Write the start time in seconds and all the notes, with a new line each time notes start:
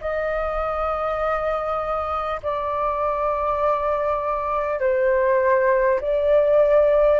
0.00 D#5
2.42 D5
4.79 C5
6.01 D5